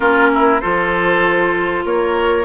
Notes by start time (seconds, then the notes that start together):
0.00 A#3 C#4 F4 A#4
0.34 E4
0.60 F3 F4 A4 C5
1.84 A#3 A#4 C#5